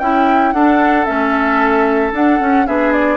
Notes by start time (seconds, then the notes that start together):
0.00 C#4 E4 G5
0.53 D4 A4 F#5
1.06 A3 C#4 E5
2.13 D4 F#5
2.39 C#4
2.66 B3 D4 G#4 E5
2.93 D5